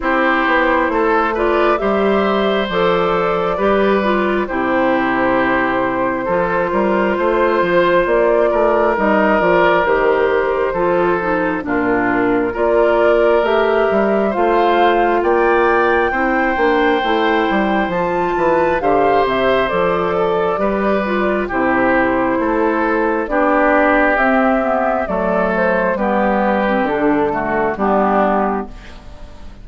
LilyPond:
<<
  \new Staff \with { instrumentName = "flute" } { \time 4/4 \tempo 4 = 67 c''4. d''8 e''4 d''4~ | d''4 c''2.~ | c''4 d''4 dis''8 d''8 c''4~ | c''4 ais'4 d''4 e''4 |
f''4 g''2. | a''4 f''8 e''8 d''2 | c''2 d''4 e''4 | d''8 c''8 b'4 a'4 g'4 | }
  \new Staff \with { instrumentName = "oboe" } { \time 4/4 g'4 a'8 b'8 c''2 | b'4 g'2 a'8 ais'8 | c''4. ais'2~ ais'8 | a'4 f'4 ais'2 |
c''4 d''4 c''2~ | c''8 b'8 c''4. a'8 b'4 | g'4 a'4 g'2 | a'4 g'4. fis'8 d'4 | }
  \new Staff \with { instrumentName = "clarinet" } { \time 4/4 e'4. f'8 g'4 a'4 | g'8 f'8 e'2 f'4~ | f'2 dis'8 f'8 g'4 | f'8 dis'8 d'4 f'4 g'4 |
f'2 e'8 d'8 e'4 | f'4 g'4 a'4 g'8 f'8 | e'2 d'4 c'8 b8 | a4 b8. c'16 d'8 a8 b4 | }
  \new Staff \with { instrumentName = "bassoon" } { \time 4/4 c'8 b8 a4 g4 f4 | g4 c2 f8 g8 | a8 f8 ais8 a8 g8 f8 dis4 | f4 ais,4 ais4 a8 g8 |
a4 ais4 c'8 ais8 a8 g8 | f8 e8 d8 c8 f4 g4 | c4 a4 b4 c'4 | fis4 g4 d4 g4 | }
>>